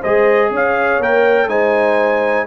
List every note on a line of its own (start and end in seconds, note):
0.00 0.51 G#3
0.00 1.02 G#4
0.00 0.49 C5
0.00 0.52 D#5
0.51 0.99 C#4
0.51 1.49 C#5
0.51 1.02 F5
0.99 1.47 A#3
0.99 1.49 A#4
0.99 1.49 G5
1.47 2.45 G#3
1.47 2.47 D#4
1.47 2.47 C5
1.47 2.47 G#5